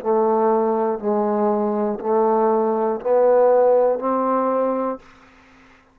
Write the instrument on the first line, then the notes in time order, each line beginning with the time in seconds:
trombone
0.00 A3
1.00 G#3
2.00 A3
3.00 B3
4.00 C4